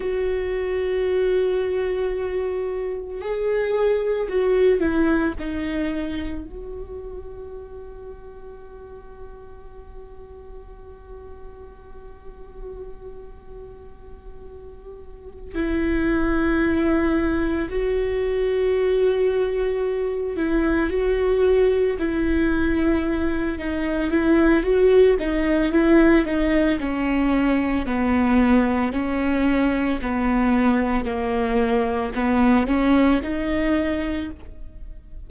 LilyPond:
\new Staff \with { instrumentName = "viola" } { \time 4/4 \tempo 4 = 56 fis'2. gis'4 | fis'8 e'8 dis'4 fis'2~ | fis'1~ | fis'2~ fis'8 e'4.~ |
e'8 fis'2~ fis'8 e'8 fis'8~ | fis'8 e'4. dis'8 e'8 fis'8 dis'8 | e'8 dis'8 cis'4 b4 cis'4 | b4 ais4 b8 cis'8 dis'4 | }